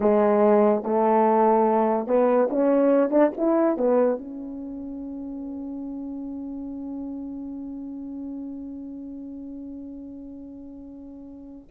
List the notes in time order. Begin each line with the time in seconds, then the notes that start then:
0.00 G#3
0.83 A3
2.07 B3
2.50 C#4
3.10 D4
3.37 E4
3.77 B3
4.18 C#4